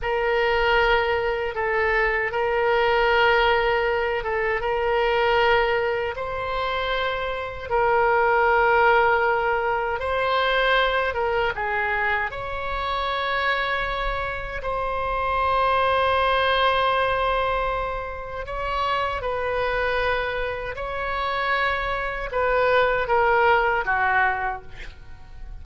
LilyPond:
\new Staff \with { instrumentName = "oboe" } { \time 4/4 \tempo 4 = 78 ais'2 a'4 ais'4~ | ais'4. a'8 ais'2 | c''2 ais'2~ | ais'4 c''4. ais'8 gis'4 |
cis''2. c''4~ | c''1 | cis''4 b'2 cis''4~ | cis''4 b'4 ais'4 fis'4 | }